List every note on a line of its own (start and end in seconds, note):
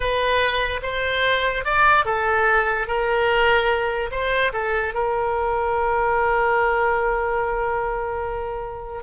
0.00 0.81 B4
0.82 1.64 C5
1.64 2.05 D5
2.05 2.87 A4
2.87 4.10 A#4
4.11 4.52 C5
4.52 4.94 A4
4.94 9.03 A#4